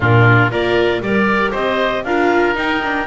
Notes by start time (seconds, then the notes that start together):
0.00 A#2 D4 F4 A#4
0.50 A#3 F4 A#4 D5
1.00 G3 G4 A#4 D5
1.51 C4 C5 D#5
2.03 D4 F4 A#4 F5
2.54 D#4 G5
2.83 D4